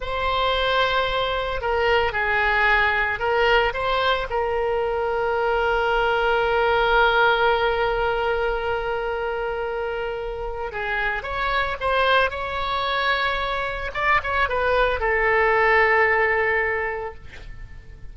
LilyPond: \new Staff \with { instrumentName = "oboe" } { \time 4/4 \tempo 4 = 112 c''2. ais'4 | gis'2 ais'4 c''4 | ais'1~ | ais'1~ |
ais'1 | gis'4 cis''4 c''4 cis''4~ | cis''2 d''8 cis''8 b'4 | a'1 | }